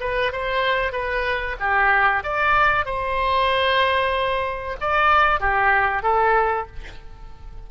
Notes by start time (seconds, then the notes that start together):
0.00 B4
0.32 C5
0.92 B4
1.59 G4
2.23 D5
2.85 C5
4.80 D5
5.40 G4
6.02 A4